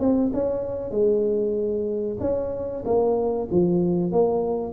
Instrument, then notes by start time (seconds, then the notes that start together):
tuba
0.00 C4
0.34 C#4
0.91 G#3
2.20 C#4
2.85 A#3
3.51 F3
4.12 A#3